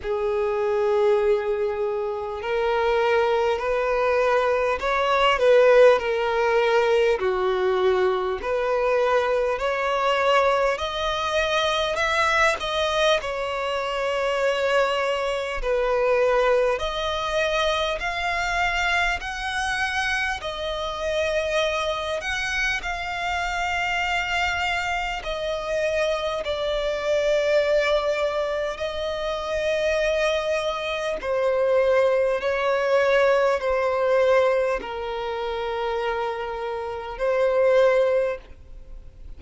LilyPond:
\new Staff \with { instrumentName = "violin" } { \time 4/4 \tempo 4 = 50 gis'2 ais'4 b'4 | cis''8 b'8 ais'4 fis'4 b'4 | cis''4 dis''4 e''8 dis''8 cis''4~ | cis''4 b'4 dis''4 f''4 |
fis''4 dis''4. fis''8 f''4~ | f''4 dis''4 d''2 | dis''2 c''4 cis''4 | c''4 ais'2 c''4 | }